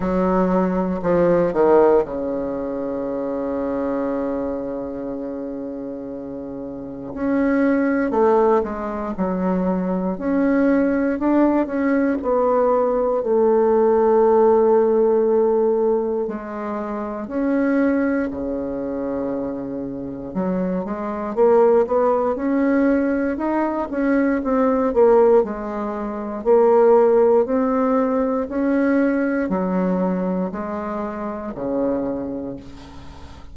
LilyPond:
\new Staff \with { instrumentName = "bassoon" } { \time 4/4 \tempo 4 = 59 fis4 f8 dis8 cis2~ | cis2. cis'4 | a8 gis8 fis4 cis'4 d'8 cis'8 | b4 a2. |
gis4 cis'4 cis2 | fis8 gis8 ais8 b8 cis'4 dis'8 cis'8 | c'8 ais8 gis4 ais4 c'4 | cis'4 fis4 gis4 cis4 | }